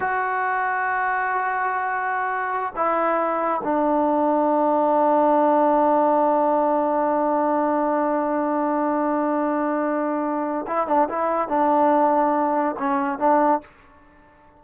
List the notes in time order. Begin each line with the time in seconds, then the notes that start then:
0.00 F#4
2.76 E4
3.63 D4
10.67 E4
10.87 D4
11.09 E4
11.48 D4
12.79 C#4
13.18 D4